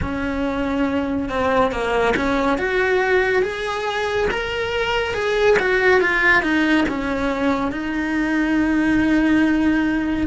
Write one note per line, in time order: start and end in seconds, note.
0.01 1.29 C#4
1.29 1.71 C4
1.71 2.14 A#3
2.16 2.58 C#4
2.58 3.42 F#4
3.42 4.28 G#4
4.31 5.14 A#4
5.14 5.57 G#4
5.59 6.00 F#4
6.00 6.42 F4
6.42 6.85 D#4
6.88 7.71 C#4
7.71 10.27 D#4